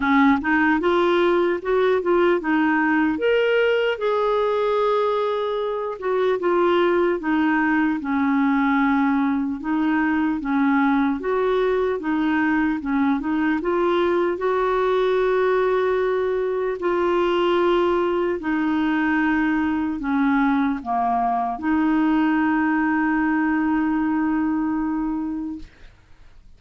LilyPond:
\new Staff \with { instrumentName = "clarinet" } { \time 4/4 \tempo 4 = 75 cis'8 dis'8 f'4 fis'8 f'8 dis'4 | ais'4 gis'2~ gis'8 fis'8 | f'4 dis'4 cis'2 | dis'4 cis'4 fis'4 dis'4 |
cis'8 dis'8 f'4 fis'2~ | fis'4 f'2 dis'4~ | dis'4 cis'4 ais4 dis'4~ | dis'1 | }